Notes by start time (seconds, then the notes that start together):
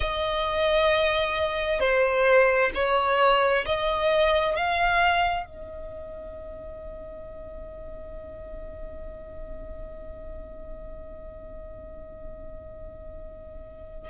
0.00 D#5
1.79 C5
2.74 C#5
3.65 D#5
4.55 F5
5.45 D#5